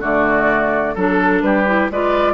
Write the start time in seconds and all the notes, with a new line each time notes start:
0.00 D3 A3 F#4 D5
0.95 F#3 D4 A4
1.42 G3 G4 B4
1.67 E4
1.90 G#3 F4 B4 D5